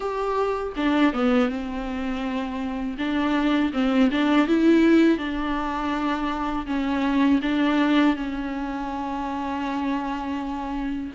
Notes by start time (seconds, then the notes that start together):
0.00 G4
0.76 D4
1.13 B3
1.48 C4
2.98 D4
3.73 C4
4.11 D4
4.47 E4
5.18 D4
6.66 C#4
7.41 D4
8.16 C#4